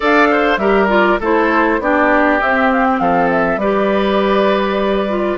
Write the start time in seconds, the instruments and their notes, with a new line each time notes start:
0.00 bassoon D4, clarinet A4, oboe D5, flute F5
0.30 oboe C5
0.57 bassoon G3, clarinet G4, oboe A#4, flute E5
0.88 clarinet F4, flute D5
1.20 bassoon A3, clarinet E4, oboe A4, flute C5
1.79 bassoon B3, clarinet D4, oboe G4, flute D5
2.41 clarinet C4, bassoon C4, flute E5
2.72 flute F5
2.84 flute G5
2.99 bassoon F3, oboe A4, flute F5
3.30 flute E5
3.56 bassoon G3, clarinet G4, oboe B4, flute D5
5.08 clarinet F4